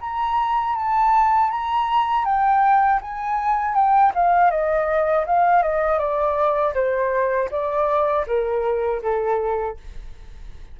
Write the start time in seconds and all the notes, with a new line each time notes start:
0.00 A#5
0.75 A5
1.50 A#5
2.25 G5
3.01 G#5
3.74 G5
4.14 F5
4.50 D#5
5.26 F5
5.62 D#5
5.98 D5
6.74 C5
7.50 D5
8.26 A#4
9.02 A4